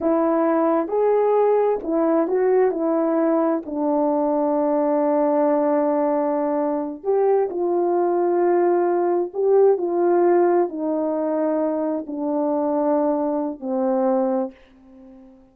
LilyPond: \new Staff \with { instrumentName = "horn" } { \time 4/4 \tempo 4 = 132 e'2 gis'2 | e'4 fis'4 e'2 | d'1~ | d'2.~ d'8 g'8~ |
g'8 f'2.~ f'8~ | f'8 g'4 f'2 dis'8~ | dis'2~ dis'8 d'4.~ | d'2 c'2 | }